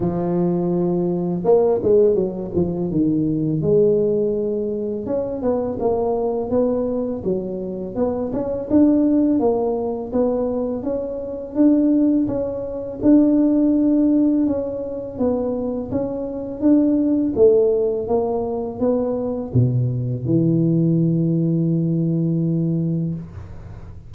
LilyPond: \new Staff \with { instrumentName = "tuba" } { \time 4/4 \tempo 4 = 83 f2 ais8 gis8 fis8 f8 | dis4 gis2 cis'8 b8 | ais4 b4 fis4 b8 cis'8 | d'4 ais4 b4 cis'4 |
d'4 cis'4 d'2 | cis'4 b4 cis'4 d'4 | a4 ais4 b4 b,4 | e1 | }